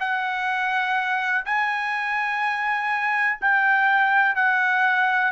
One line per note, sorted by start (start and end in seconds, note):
0.00 1.45 F#5
1.45 3.39 G#5
3.41 4.35 G5
4.35 5.32 F#5